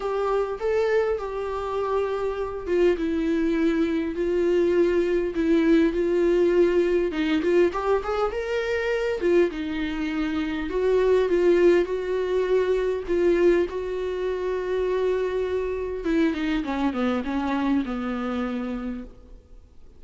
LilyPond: \new Staff \with { instrumentName = "viola" } { \time 4/4 \tempo 4 = 101 g'4 a'4 g'2~ | g'8 f'8 e'2 f'4~ | f'4 e'4 f'2 | dis'8 f'8 g'8 gis'8 ais'4. f'8 |
dis'2 fis'4 f'4 | fis'2 f'4 fis'4~ | fis'2. e'8 dis'8 | cis'8 b8 cis'4 b2 | }